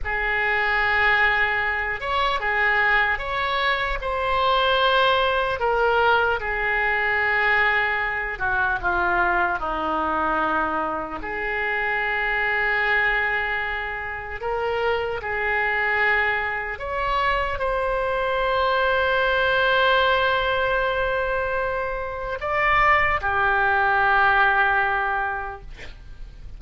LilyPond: \new Staff \with { instrumentName = "oboe" } { \time 4/4 \tempo 4 = 75 gis'2~ gis'8 cis''8 gis'4 | cis''4 c''2 ais'4 | gis'2~ gis'8 fis'8 f'4 | dis'2 gis'2~ |
gis'2 ais'4 gis'4~ | gis'4 cis''4 c''2~ | c''1 | d''4 g'2. | }